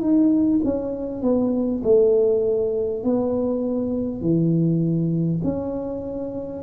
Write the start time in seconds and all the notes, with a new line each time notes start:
0.00 D#4
0.64 C#4
1.22 B3
1.83 A3
3.03 B3
4.21 E3
5.43 C#4